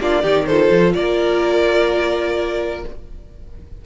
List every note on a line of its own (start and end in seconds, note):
0.00 0.23 A#3
0.00 0.23 D4
0.00 0.22 F4
0.00 0.46 D5
0.22 0.70 D#3
0.22 0.47 D#4
0.22 0.46 G4
0.46 2.85 F4
0.46 0.94 A4
0.46 0.93 C5
0.70 0.94 F3
0.93 2.84 A#3
0.93 2.85 A#4
0.93 2.81 D5